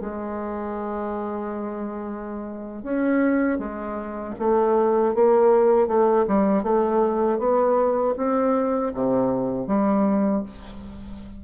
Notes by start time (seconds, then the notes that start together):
0.00 G#3
2.83 C#4
3.58 G#3
4.39 A3
5.14 A#3
5.87 A3
6.27 G3
6.63 A3
7.38 B3
8.17 C4
8.93 C3
9.67 G3